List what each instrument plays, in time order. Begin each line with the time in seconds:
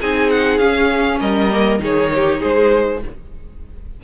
0.00 cello C4, viola D#4, violin G#4 G#5
0.30 violin F#5
0.58 viola C#4, cello C#4, violin F5
1.20 cello G3, violin A#4 D#5
1.51 viola A#3
1.79 cello D#3, viola D#4, violin G#4 C#5
2.14 violin G4
2.40 cello G#3, violin G#4 C5